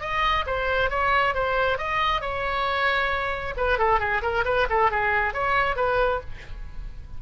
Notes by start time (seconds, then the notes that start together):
0.00 D#5
0.46 C5
0.90 C#5
1.34 C5
1.77 D#5
2.21 C#5
3.56 B4
3.78 A4
3.99 G#4
4.22 A#4
4.44 B4
4.69 A4
4.91 G#4
5.33 C#5
5.76 B4